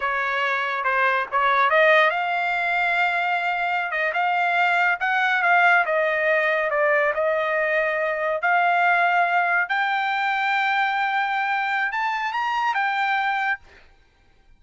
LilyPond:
\new Staff \with { instrumentName = "trumpet" } { \time 4/4 \tempo 4 = 141 cis''2 c''4 cis''4 | dis''4 f''2.~ | f''4~ f''16 dis''8 f''2 fis''16~ | fis''8. f''4 dis''2 d''16~ |
d''8. dis''2. f''16~ | f''2~ f''8. g''4~ g''16~ | g''1 | a''4 ais''4 g''2 | }